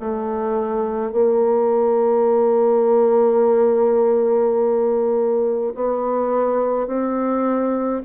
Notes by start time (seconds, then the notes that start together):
0.00 A3
1.12 A#3
5.75 B3
6.87 C4